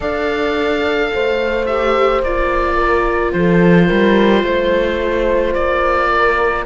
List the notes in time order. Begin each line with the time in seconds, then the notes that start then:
0.00 D4 A4 D5 F5
1.13 A3 C5
1.66 G4 E5
2.21 A#3 F4 D5
2.77 A#4
3.32 F3 A4 C5
3.86 G3 A#4
4.43 A3 C5
5.54 A#3 D5
6.11 A#4